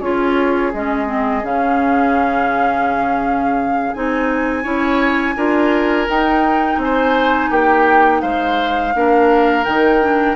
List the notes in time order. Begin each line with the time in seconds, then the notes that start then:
0.00 C#4 F4 G#4 C#5
0.74 G#3 C#4 D#5
1.07 C4
1.44 C#3 C#4 F5
3.94 C4 D#4 G#5
4.64 C#4 E4 C#5
5.37 D4 F4 A#4
6.08 D#4 G5
6.78 C4 G#5
6.84 C5
7.51 A#3 G4 G5
8.22 G#3 C5 F5
8.95 A#3 D4 A#4
9.65 D#3 D#4 G5
10.01 D4